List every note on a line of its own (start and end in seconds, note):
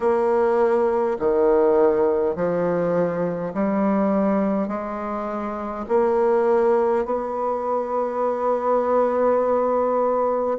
0.00 1.17 A#3
1.19 2.35 D#3
2.35 3.53 F3
3.53 4.67 G3
4.67 5.85 G#3
5.88 7.05 A#3
7.05 10.58 B3